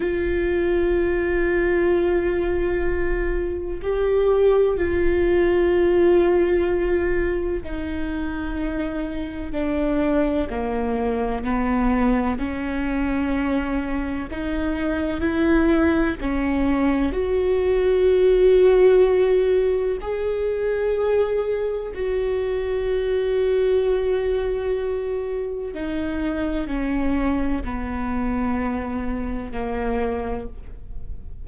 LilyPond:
\new Staff \with { instrumentName = "viola" } { \time 4/4 \tempo 4 = 63 f'1 | g'4 f'2. | dis'2 d'4 ais4 | b4 cis'2 dis'4 |
e'4 cis'4 fis'2~ | fis'4 gis'2 fis'4~ | fis'2. dis'4 | cis'4 b2 ais4 | }